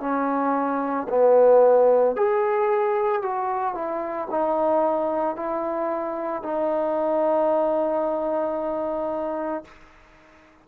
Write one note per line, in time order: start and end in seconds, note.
0.00 1.07 C#4
1.09 2.16 B3
2.16 3.22 G#4
3.22 3.74 F#4
3.74 4.28 E4
4.31 5.36 D#4
5.36 6.43 E4
6.43 9.64 D#4